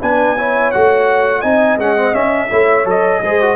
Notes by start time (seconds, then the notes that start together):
0.00 B3 D4 B4 G#5
0.38 E4 C#5
0.71 A3 F#4 F#5
1.41 C4 D#4 D#5 G#5
1.78 G#3 C#4 F#5
1.96 C4
2.12 C#4 E5
2.50 A3 E4 C#5
2.85 F#3 A4 D#5
3.22 G#3 G#4 C5
3.42 F#4